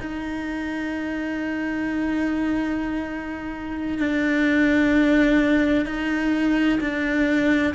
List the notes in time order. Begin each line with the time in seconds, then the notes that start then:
0.00 D#4
3.98 D4
5.85 D#4
6.80 D4